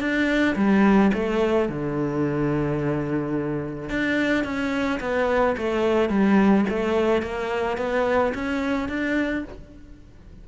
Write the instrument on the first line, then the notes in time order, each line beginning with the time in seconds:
cello
0.00 D4
0.56 G3
1.13 A3
1.69 D3
3.89 D4
4.44 C#4
5.01 B3
5.58 A3
6.10 G3
6.69 A3
7.22 A#3
7.77 B3
8.35 C#4
8.88 D4